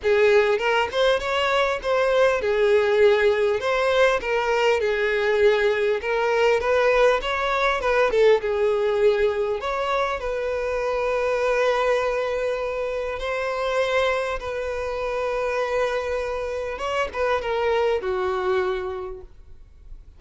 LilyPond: \new Staff \with { instrumentName = "violin" } { \time 4/4 \tempo 4 = 100 gis'4 ais'8 c''8 cis''4 c''4 | gis'2 c''4 ais'4 | gis'2 ais'4 b'4 | cis''4 b'8 a'8 gis'2 |
cis''4 b'2.~ | b'2 c''2 | b'1 | cis''8 b'8 ais'4 fis'2 | }